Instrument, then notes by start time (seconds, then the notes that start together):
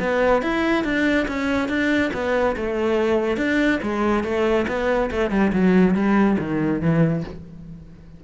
cello
0.00 B3
0.43 E4
0.85 D4
1.28 C#4
1.69 D4
2.14 B3
2.57 A3
3.37 D4
3.83 G#3
4.24 A3
4.68 B3
5.11 A3
5.31 G3
5.53 F#3
5.95 G3
6.39 D#3
6.81 E3